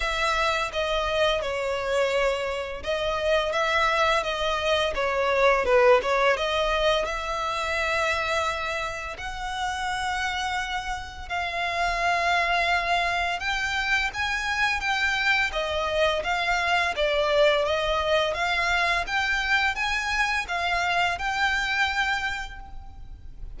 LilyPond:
\new Staff \with { instrumentName = "violin" } { \time 4/4 \tempo 4 = 85 e''4 dis''4 cis''2 | dis''4 e''4 dis''4 cis''4 | b'8 cis''8 dis''4 e''2~ | e''4 fis''2. |
f''2. g''4 | gis''4 g''4 dis''4 f''4 | d''4 dis''4 f''4 g''4 | gis''4 f''4 g''2 | }